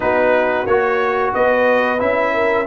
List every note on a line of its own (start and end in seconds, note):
0.00 0.66 B3
0.00 0.66 D#4
0.00 1.32 F#4
0.00 0.66 B4
0.66 1.32 A#3
0.66 1.98 F#4
0.66 1.33 C#5
1.34 2.01 B3
1.34 2.33 B4
1.34 2.00 D#5
1.98 2.67 C#4
1.98 2.65 E4
1.98 2.66 E5
2.33 2.67 A#4